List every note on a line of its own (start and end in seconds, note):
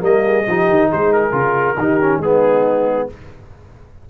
0.00 0.46 G3
0.00 0.43 A#3
0.00 0.26 A#4
0.00 0.92 D#5
0.26 0.47 G#4
0.48 0.70 F3
0.48 1.32 D#4
0.48 0.89 G4
0.70 0.92 D#3
0.89 1.33 G#3
0.89 1.76 G#4
0.89 1.13 C5
1.13 2.22 A#4
1.32 1.76 C#3
1.32 1.76 F4
1.78 2.18 D#3
1.78 2.02 D#4
1.78 2.22 G4
2.02 2.23 C#4
2.18 3.05 G#3
2.18 3.10 B3
2.18 3.09 D#4
2.18 3.09 G#4